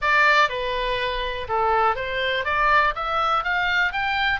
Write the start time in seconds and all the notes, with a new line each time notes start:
0.01 D5
0.49 B4
1.48 A4
1.95 C5
2.44 D5
2.95 E5
3.44 F5
3.92 G5